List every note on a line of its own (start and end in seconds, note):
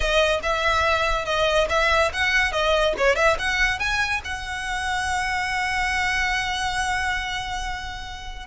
0.00 0.40 D#5
0.42 1.25 E5
1.25 1.67 D#5
1.69 2.11 E5
2.13 2.51 F#5
2.51 2.94 D#5
2.97 3.15 C#5
3.15 3.36 E5
3.39 3.79 F#5
3.79 4.21 G#5
4.24 8.46 F#5